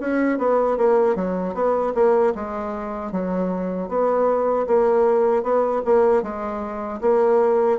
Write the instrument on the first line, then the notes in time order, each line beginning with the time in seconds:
bassoon
0.00 C#4
0.38 B3
0.77 A#3
1.15 F#3
1.54 B3
1.94 A#3
2.35 G#3
3.11 F#3
3.88 B3
4.67 A#3
5.43 B3
5.85 A#3
6.22 G#3
7.01 A#3